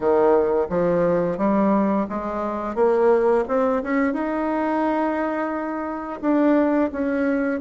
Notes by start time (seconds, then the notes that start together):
0.00 D#3
0.69 F3
1.37 G3
2.09 G#3
2.75 A#3
3.48 C4
3.83 C#4
4.13 D#4
6.21 D4
6.92 C#4